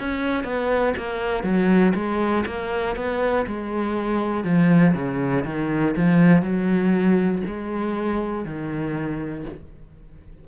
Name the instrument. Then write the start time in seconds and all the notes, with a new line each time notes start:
cello
0.00 C#4
0.44 B3
0.97 A#3
1.44 F#3
1.95 G#3
2.47 A#3
2.96 B3
3.47 G#3
4.45 F3
4.95 C#3
5.46 D#3
5.96 F3
6.43 F#3
7.47 G#3
8.46 D#3